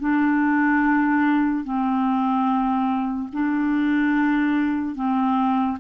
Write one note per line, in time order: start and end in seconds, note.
0.00 1.64 D4
1.64 3.28 C4
3.33 4.95 D4
4.95 5.78 C4